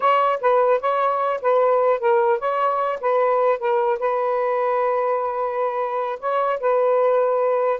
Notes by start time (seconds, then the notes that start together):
0.00 C#5
0.40 B4
0.80 C#5
1.41 B4
1.99 A#4
2.39 C#5
3.01 B4
3.58 A#4
3.99 B4
6.19 C#5
6.60 B4